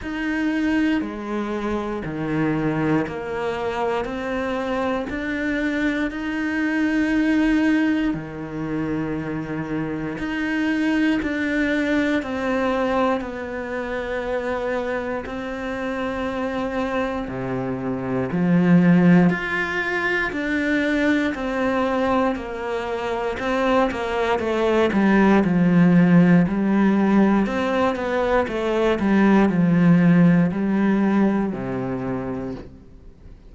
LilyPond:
\new Staff \with { instrumentName = "cello" } { \time 4/4 \tempo 4 = 59 dis'4 gis4 dis4 ais4 | c'4 d'4 dis'2 | dis2 dis'4 d'4 | c'4 b2 c'4~ |
c'4 c4 f4 f'4 | d'4 c'4 ais4 c'8 ais8 | a8 g8 f4 g4 c'8 b8 | a8 g8 f4 g4 c4 | }